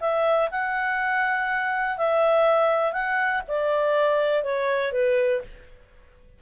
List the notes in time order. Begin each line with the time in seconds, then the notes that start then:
0.00 E5
0.51 F#5
1.97 E5
2.93 F#5
3.48 D5
4.43 C#5
4.92 B4